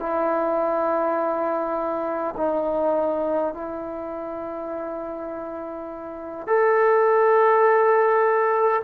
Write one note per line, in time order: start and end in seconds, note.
0.00 2.35 E4
2.37 3.54 D#4
3.54 6.48 E4
6.48 8.83 A4